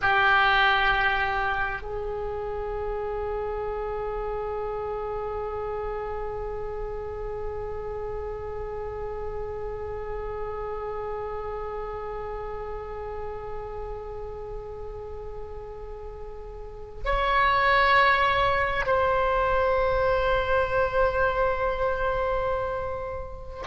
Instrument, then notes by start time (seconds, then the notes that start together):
oboe
0.01 G4
1.81 G#4
17.05 C#5
18.86 C5